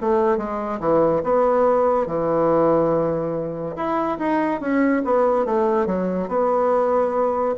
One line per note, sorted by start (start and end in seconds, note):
0.00 0.37 A3
0.37 0.79 G#3
0.80 1.22 E3
1.23 2.06 B3
2.06 3.75 E3
3.76 4.18 E4
4.18 4.60 D#4
4.60 5.02 C#4
5.04 5.45 B3
5.45 5.85 A3
5.85 6.28 F#3
6.28 7.54 B3